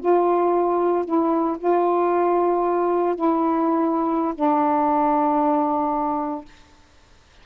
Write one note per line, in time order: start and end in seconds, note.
0.00 1.05 F4
1.05 1.58 E4
1.58 3.15 F4
3.15 4.34 E4
4.35 6.45 D4